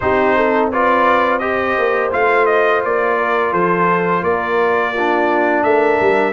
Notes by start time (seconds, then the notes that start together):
0.00 C4 D#4 G4 C5
0.36 A4
0.71 F4 B4 D5
1.38 G4 C5 D#5
1.77 A#3
2.11 A3 F4 F5
2.45 D#5
2.84 A#3 D5
3.17 A#4
3.51 F3 A4 C5
4.22 A#3 A#4 D5
4.93 D4 F4
5.63 A3 A#4 E5
6.00 G3